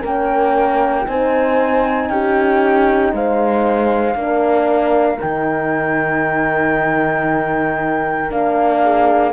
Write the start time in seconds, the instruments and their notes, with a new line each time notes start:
0.00 cello A#3, horn C#4 A#4, flute G5
1.07 cello C4, horn D#4 C5, flute G#5
2.09 cello C#4, horn G4, flute G5
3.13 cello G#3, horn C5, flute F5
4.14 cello A#3, horn D4 A#4
5.20 cello D#3, horn D#4, flute G5
8.30 cello A#3, horn D4, flute F5
8.83 horn G#4